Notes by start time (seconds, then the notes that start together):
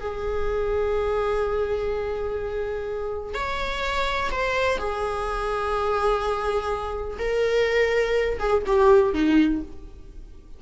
0.00 G#4
3.34 C#5
4.31 C5
4.78 G#4
7.19 A#4
8.39 G#4
8.66 G4
9.14 D#4